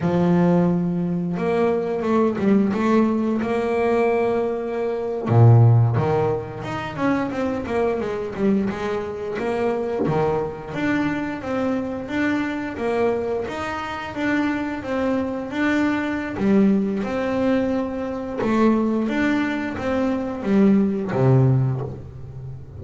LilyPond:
\new Staff \with { instrumentName = "double bass" } { \time 4/4 \tempo 4 = 88 f2 ais4 a8 g8 | a4 ais2~ ais8. ais,16~ | ais,8. dis4 dis'8 cis'8 c'8 ais8 gis16~ | gis16 g8 gis4 ais4 dis4 d'16~ |
d'8. c'4 d'4 ais4 dis'16~ | dis'8. d'4 c'4 d'4~ d'16 | g4 c'2 a4 | d'4 c'4 g4 c4 | }